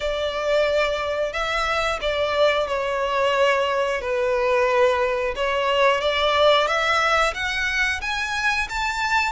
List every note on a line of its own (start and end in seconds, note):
0.00 1.32 D5
1.32 1.99 E5
2.01 2.67 D5
2.67 4.01 C#5
4.01 5.34 B4
5.35 6.01 C#5
6.01 6.67 D5
6.67 7.33 E5
7.34 8.00 F#5
8.01 8.68 G#5
8.68 9.32 A5